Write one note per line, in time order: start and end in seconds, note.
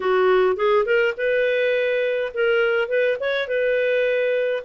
0.00 0.56 F#4
0.56 0.85 G#4
0.85 1.14 A#4
1.17 2.32 B4
2.34 2.88 A#4
2.88 3.17 B4
3.19 3.47 C#5
3.47 4.63 B4